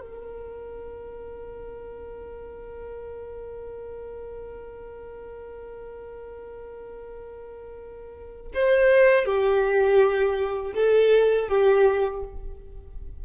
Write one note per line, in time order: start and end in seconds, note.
0.00 8.52 A#4
8.54 9.25 C5
9.25 10.73 G4
10.74 11.48 A4
11.49 12.23 G4